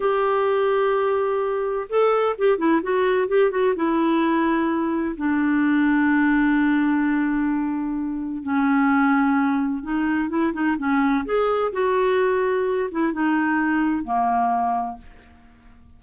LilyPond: \new Staff \with { instrumentName = "clarinet" } { \time 4/4 \tempo 4 = 128 g'1 | a'4 g'8 e'8 fis'4 g'8 fis'8 | e'2. d'4~ | d'1~ |
d'2 cis'2~ | cis'4 dis'4 e'8 dis'8 cis'4 | gis'4 fis'2~ fis'8 e'8 | dis'2 ais2 | }